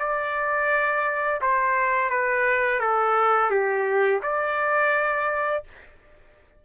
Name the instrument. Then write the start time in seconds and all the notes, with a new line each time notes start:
trumpet
0.00 D5
1.42 C5
2.10 B4
2.80 A4
3.51 G4
4.23 D5